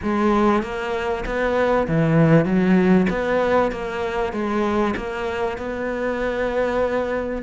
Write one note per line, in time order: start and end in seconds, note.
0.03 0.62 G#3
0.62 1.24 A#3
1.25 1.87 B3
1.87 2.45 E3
2.45 3.06 F#3
3.09 3.71 B3
3.71 4.32 A#3
4.32 4.94 G#3
4.96 5.57 A#3
5.57 7.42 B3